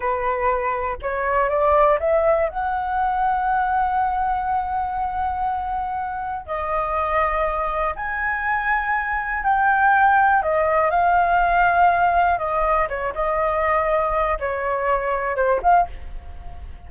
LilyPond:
\new Staff \with { instrumentName = "flute" } { \time 4/4 \tempo 4 = 121 b'2 cis''4 d''4 | e''4 fis''2.~ | fis''1~ | fis''4 dis''2. |
gis''2. g''4~ | g''4 dis''4 f''2~ | f''4 dis''4 cis''8 dis''4.~ | dis''4 cis''2 c''8 f''8 | }